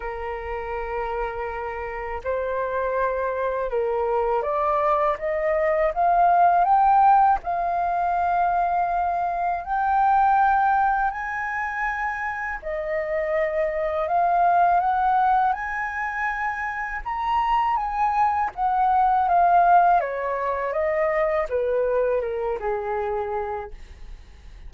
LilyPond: \new Staff \with { instrumentName = "flute" } { \time 4/4 \tempo 4 = 81 ais'2. c''4~ | c''4 ais'4 d''4 dis''4 | f''4 g''4 f''2~ | f''4 g''2 gis''4~ |
gis''4 dis''2 f''4 | fis''4 gis''2 ais''4 | gis''4 fis''4 f''4 cis''4 | dis''4 b'4 ais'8 gis'4. | }